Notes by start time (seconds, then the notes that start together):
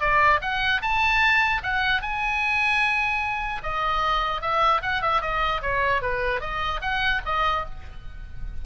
0.00 D5
0.41 F#5
0.82 A5
1.63 F#5
2.02 G#5
3.63 D#5
4.41 E5
4.82 F#5
5.02 E5
5.21 D#5
5.62 C#5
6.02 B4
6.40 D#5
6.81 F#5
7.25 D#5